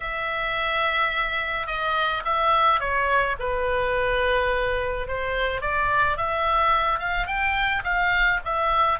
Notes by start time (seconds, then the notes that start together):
0.00 E5
1.66 D#5
2.25 E5
2.80 C#5
3.39 B4
5.07 C5
5.61 D5
6.17 E5
6.99 F5
7.26 G5
7.84 F5
8.44 E5